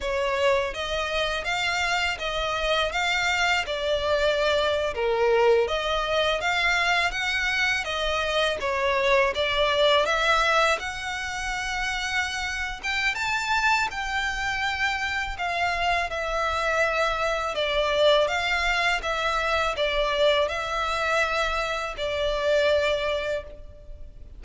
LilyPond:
\new Staff \with { instrumentName = "violin" } { \time 4/4 \tempo 4 = 82 cis''4 dis''4 f''4 dis''4 | f''4 d''4.~ d''16 ais'4 dis''16~ | dis''8. f''4 fis''4 dis''4 cis''16~ | cis''8. d''4 e''4 fis''4~ fis''16~ |
fis''4. g''8 a''4 g''4~ | g''4 f''4 e''2 | d''4 f''4 e''4 d''4 | e''2 d''2 | }